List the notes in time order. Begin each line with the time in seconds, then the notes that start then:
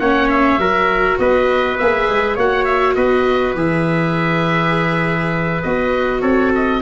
0.00 A#3 C#4 C#5 F#5
0.29 E5
0.58 F#3 F#4 A#4
1.19 B3 B4 D#5
1.78 A#3 G#4 E5
2.10 G#3
2.35 A#3 F#4 C#5 F#5
2.65 E5
2.95 B3 B4 D#5
3.55 E3 G#4 E5
5.63 B3 F#4 D#5
6.22 C4 A4 C#5
6.55 D#5